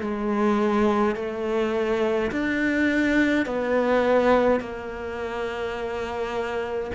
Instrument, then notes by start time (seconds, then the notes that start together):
cello
0.00 G#3
1.15 A3
2.31 D4
3.46 B3
4.60 A#3